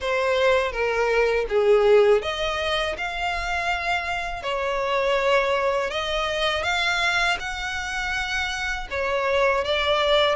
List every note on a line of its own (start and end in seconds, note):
0.00 0.71 C5
0.71 1.45 A#4
1.48 2.22 G#4
2.22 2.96 D#5
2.97 4.42 F5
4.42 5.90 C#5
5.90 6.63 D#5
6.63 7.37 F5
7.39 8.87 F#5
8.90 9.64 C#5
9.64 10.35 D5